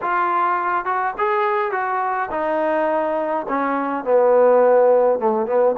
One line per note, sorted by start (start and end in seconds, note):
0.01 0.85 F4
0.85 1.14 F#4
1.18 1.72 G#4
1.72 2.29 F#4
2.31 3.46 D#4
3.48 4.04 C#4
4.04 5.19 B3
5.19 5.46 A3
5.46 5.75 B3